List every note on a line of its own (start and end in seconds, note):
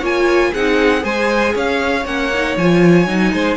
0.00 0.52 A#3
0.00 0.54 F4
0.00 0.51 C#5
0.00 0.54 G#5
0.53 1.04 C4
0.53 1.01 D#4
0.53 1.03 G#4
0.53 1.04 F#5
1.01 1.55 G#3
1.01 2.02 G#4
1.01 1.54 C5
1.01 1.55 G#5
1.54 2.05 C#4
1.54 3.32 C#5
1.54 2.06 F5
2.05 2.56 A#3
2.05 2.32 C#4
2.05 2.57 F#5
2.34 2.60 D#4
2.57 3.08 F3
2.57 3.07 F4
2.57 3.57 G#5
3.07 3.33 F#3
3.07 3.57 D#4
3.33 3.57 G#3
3.33 3.57 C5